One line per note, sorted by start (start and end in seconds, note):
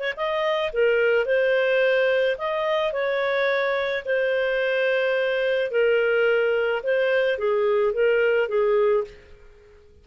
0.00 0.14 C#5
0.17 0.72 D#5
0.73 1.26 A#4
1.26 2.37 C5
2.38 2.93 D#5
2.93 4.04 C#5
4.05 5.71 C5
5.71 6.83 A#4
6.83 7.39 C5
7.39 7.93 G#4
7.93 8.49 A#4
8.49 9.05 G#4